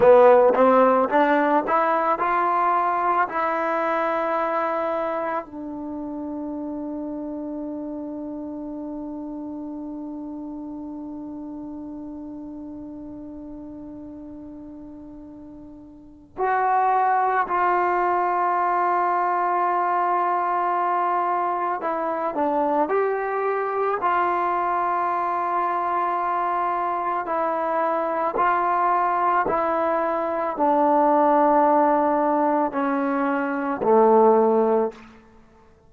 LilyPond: \new Staff \with { instrumentName = "trombone" } { \time 4/4 \tempo 4 = 55 b8 c'8 d'8 e'8 f'4 e'4~ | e'4 d'2.~ | d'1~ | d'2. fis'4 |
f'1 | e'8 d'8 g'4 f'2~ | f'4 e'4 f'4 e'4 | d'2 cis'4 a4 | }